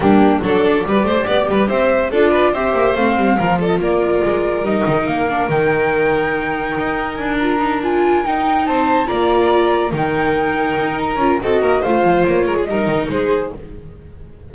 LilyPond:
<<
  \new Staff \with { instrumentName = "flute" } { \time 4/4 \tempo 4 = 142 g'4 d''2. | e''4 d''4 e''4 f''4~ | f''8 d''16 dis''16 d''2 dis''4 | f''4 g''2.~ |
g''4 gis''8 ais''4 gis''4 g''8~ | g''8 a''4 ais''2 g''8~ | g''2 ais''4 dis''4 | f''4 cis''4 dis''4 c''4 | }
  \new Staff \with { instrumentName = "violin" } { \time 4/4 d'4 a'4 b'8 c''8 d''8 b'8 | c''4 a'8 b'8 c''2 | ais'8 a'8 ais'2.~ | ais'1~ |
ais'1~ | ais'8 c''4 d''2 ais'8~ | ais'2. a'8 ais'8 | c''4. ais'16 gis'16 ais'4 gis'4 | }
  \new Staff \with { instrumentName = "viola" } { \time 4/4 ais4 d'4 g'2~ | g'4 f'4 g'4 c'4 | f'2. dis'4~ | dis'8 d'8 dis'2.~ |
dis'4. f'8 dis'8 f'4 dis'8~ | dis'4. f'2 dis'8~ | dis'2~ dis'8 f'8 fis'4 | f'2 dis'2 | }
  \new Staff \with { instrumentName = "double bass" } { \time 4/4 g4 fis4 g8 a8 b8 g8 | c'4 d'4 c'8 ais8 a8 g8 | f4 ais4 gis4 g8 dis8 | ais4 dis2. |
dis'4 d'2~ d'8 dis'8~ | dis'8 c'4 ais2 dis8~ | dis4. dis'4 cis'8 c'8 ais8 | a8 f8 ais8 gis8 g8 dis8 gis4 | }
>>